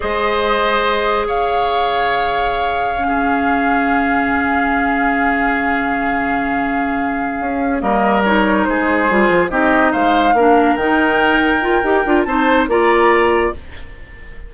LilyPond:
<<
  \new Staff \with { instrumentName = "flute" } { \time 4/4 \tempo 4 = 142 dis''2. f''4~ | f''1~ | f''1~ | f''1~ |
f''2~ f''8 dis''4 cis''8~ | cis''8 c''2 dis''4 f''8~ | f''4. g''2~ g''8~ | g''4 a''4 ais''2 | }
  \new Staff \with { instrumentName = "oboe" } { \time 4/4 c''2. cis''4~ | cis''2.~ cis''16 gis'8.~ | gis'1~ | gis'1~ |
gis'2~ gis'8 ais'4.~ | ais'8 gis'2 g'4 c''8~ | c''8 ais'2.~ ais'8~ | ais'4 c''4 d''2 | }
  \new Staff \with { instrumentName = "clarinet" } { \time 4/4 gis'1~ | gis'2. cis'4~ | cis'1~ | cis'1~ |
cis'2~ cis'8 ais4 dis'8~ | dis'4. f'4 dis'4.~ | dis'8 d'4 dis'2 f'8 | g'8 f'8 dis'4 f'2 | }
  \new Staff \with { instrumentName = "bassoon" } { \time 4/4 gis2. cis4~ | cis1~ | cis1~ | cis1~ |
cis4. cis'4 g4.~ | g8 gis4 g8 f8 c'4 gis8~ | gis8 ais4 dis2~ dis8 | dis'8 d'8 c'4 ais2 | }
>>